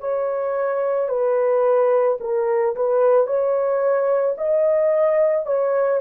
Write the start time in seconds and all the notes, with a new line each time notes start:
0.00 C#5
1.09 B4
2.21 A#4
2.76 B4
3.27 C#5
4.38 D#5
5.46 C#5